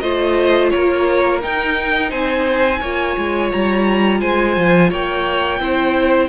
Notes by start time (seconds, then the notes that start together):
0.00 A3 F4 C5 D#5
0.70 A#3 A#4 C#5
1.42 D#4 G5
2.10 C4 C5 G#5
2.81 A#3 F4 C#5
3.18 G#3
3.52 G3 A#5
4.21 G#3 C5 G#5
4.57 F3
4.91 A#3 C#5 G5
5.60 C4 E4 C5